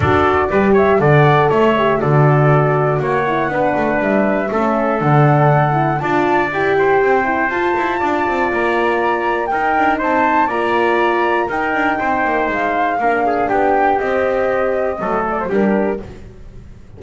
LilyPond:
<<
  \new Staff \with { instrumentName = "flute" } { \time 4/4 \tempo 4 = 120 d''4. e''8 fis''4 e''4 | d''2 fis''2 | e''2 fis''2 | a''4 g''2 a''4~ |
a''4 ais''2 g''4 | a''4 ais''2 g''4~ | g''4 f''2 g''4 | dis''2~ dis''8 d''16 c''16 ais'4 | }
  \new Staff \with { instrumentName = "trumpet" } { \time 4/4 a'4 b'8 cis''8 d''4 cis''4 | a'2 cis''4 b'4~ | b'4 a'2. | d''4. c''2~ c''8 |
d''2. ais'4 | c''4 d''2 ais'4 | c''2 ais'8 gis'8 g'4~ | g'2 a'4 g'4 | }
  \new Staff \with { instrumentName = "horn" } { \time 4/4 fis'4 g'4 a'4. g'8 | fis'2~ fis'8 e'8 d'4~ | d'4 cis'4 d'4. e'8 | f'4 g'4. e'8 f'4~ |
f'2. dis'4~ | dis'4 f'2 dis'4~ | dis'2 d'2 | c'2 a4 d'4 | }
  \new Staff \with { instrumentName = "double bass" } { \time 4/4 d'4 g4 d4 a4 | d2 ais4 b8 a8 | g4 a4 d2 | d'4 e'4 c'4 f'8 e'8 |
d'8 c'8 ais2 dis'8 d'8 | c'4 ais2 dis'8 d'8 | c'8 ais8 gis4 ais4 b4 | c'2 fis4 g4 | }
>>